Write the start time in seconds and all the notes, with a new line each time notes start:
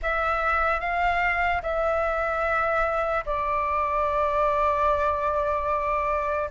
0.02 E5
0.80 F5
1.62 E5
3.25 D5